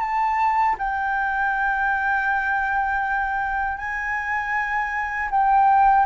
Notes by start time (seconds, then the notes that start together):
0.00 A5
0.79 G5
3.78 G#5
5.31 G5